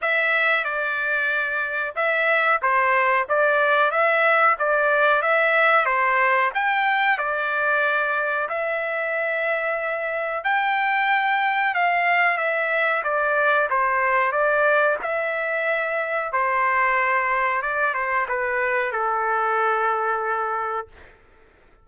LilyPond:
\new Staff \with { instrumentName = "trumpet" } { \time 4/4 \tempo 4 = 92 e''4 d''2 e''4 | c''4 d''4 e''4 d''4 | e''4 c''4 g''4 d''4~ | d''4 e''2. |
g''2 f''4 e''4 | d''4 c''4 d''4 e''4~ | e''4 c''2 d''8 c''8 | b'4 a'2. | }